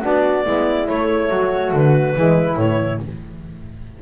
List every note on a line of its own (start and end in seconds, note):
0.00 0.46 B3
0.00 0.44 D4
0.00 0.42 F#4
0.00 0.88 D5
0.45 0.88 G#3
0.45 0.87 B3
0.45 1.30 E4
0.87 2.13 A3
0.87 1.30 A3
0.87 1.73 C#5
1.30 1.72 F#3
1.30 2.14 F#4
1.73 2.15 D3
1.73 2.57 B4
2.14 2.56 E3
2.14 2.56 G#3
2.14 3.02 E4
2.56 2.98 A2
2.56 2.98 E3
2.56 3.00 C#5